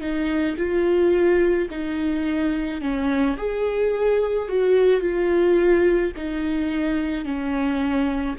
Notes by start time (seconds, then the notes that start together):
0.00 D#4
0.57 F4
1.70 D#4
2.81 C#4
3.37 G#4
4.48 F#4
5.01 F4
6.16 D#4
7.25 C#4